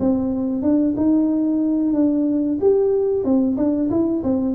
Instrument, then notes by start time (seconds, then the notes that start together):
tuba
0.00 C4
0.62 D4
0.97 D#4
1.94 D4
2.61 G4
3.24 C4
3.57 D4
3.90 E4
4.23 C4